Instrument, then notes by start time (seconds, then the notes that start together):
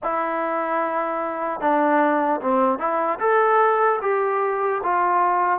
trombone
0.03 E4
1.60 D4
2.41 C4
2.78 E4
3.19 A4
4.01 G4
4.83 F4